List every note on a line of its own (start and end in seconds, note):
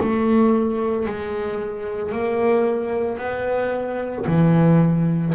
0.00 1.06 A3
1.06 2.12 G#3
2.12 3.18 A#3
3.18 4.25 B3
4.26 5.33 E3